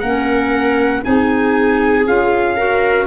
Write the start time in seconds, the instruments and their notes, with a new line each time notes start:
0.00 tuba A#3, clarinet C#4, viola A#4, trumpet F#5
1.03 tuba C4, clarinet D#4, viola G#4, trumpet G#5
2.06 tuba C#4, clarinet F4, trumpet F5
2.56 clarinet F#4, viola A#4